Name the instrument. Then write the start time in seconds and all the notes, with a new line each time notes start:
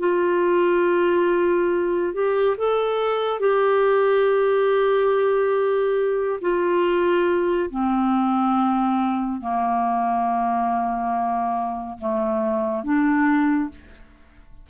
clarinet
0.00 F4
2.14 G4
2.58 A4
3.40 G4
6.42 F4
7.71 C4
9.41 A#3
11.98 A3
12.84 D4